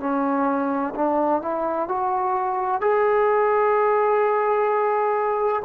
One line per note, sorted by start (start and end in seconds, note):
0.00 0.94 C#4
0.95 1.41 D4
1.41 1.88 E4
1.88 2.81 F#4
2.81 5.62 G#4